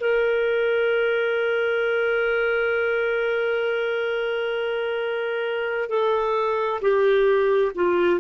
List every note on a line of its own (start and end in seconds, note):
0.00 5.90 A#4
5.90 6.81 A4
6.81 7.72 G4
7.75 8.20 F4